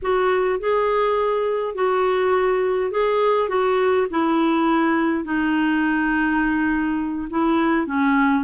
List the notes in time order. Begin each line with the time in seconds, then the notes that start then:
0.02 F#4
0.59 G#4
1.74 F#4
2.91 G#4
3.48 F#4
4.10 E4
5.24 D#4
7.30 E4
7.86 C#4